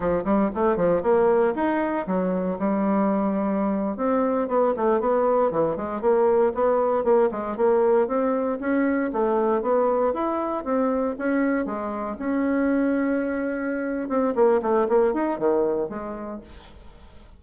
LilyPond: \new Staff \with { instrumentName = "bassoon" } { \time 4/4 \tempo 4 = 117 f8 g8 a8 f8 ais4 dis'4 | fis4 g2~ g8. c'16~ | c'8. b8 a8 b4 e8 gis8 ais16~ | ais8. b4 ais8 gis8 ais4 c'16~ |
c'8. cis'4 a4 b4 e'16~ | e'8. c'4 cis'4 gis4 cis'16~ | cis'2.~ cis'8 c'8 | ais8 a8 ais8 dis'8 dis4 gis4 | }